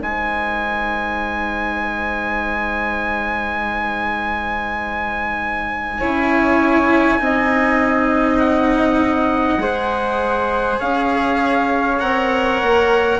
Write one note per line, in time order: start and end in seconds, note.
0.00 6.01 G#3
0.00 6.00 D#4
0.00 5.99 C5
0.00 8.38 G#5
5.99 7.20 C#4
5.99 7.18 E4
5.99 7.19 C#5
7.18 9.58 C4
7.18 9.58 D#4
7.18 9.62 D#5
8.38 10.79 F#5
9.58 10.78 G#3
9.58 11.99 G#4
9.58 10.78 C5
10.78 12.01 C#4
10.78 13.18 C#5
10.78 11.99 F5
11.99 12.62 C4
11.99 13.19 A#4
11.99 13.19 F#5
12.62 13.19 A#3